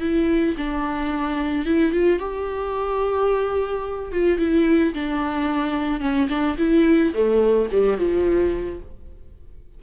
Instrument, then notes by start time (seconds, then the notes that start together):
viola
0.00 E4
0.57 D4
1.66 E4
1.92 F4
2.19 G4
4.12 F4
4.38 E4
4.94 D4
6.00 C#4
6.29 D4
6.58 E4
7.14 A3
7.71 G3
7.97 F3